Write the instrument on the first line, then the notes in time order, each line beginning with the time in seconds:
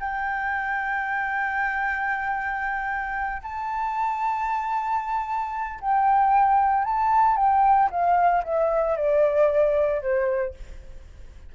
flute
0.00 G5
3.42 A5
5.81 G5
6.84 A5
7.37 G5
7.90 F5
8.44 E5
8.96 D5
10.01 C5